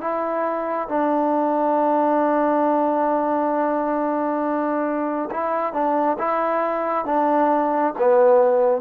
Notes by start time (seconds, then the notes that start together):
0.00 E4
0.88 D4
5.31 E4
5.73 D4
6.18 E4
7.05 D4
7.98 B3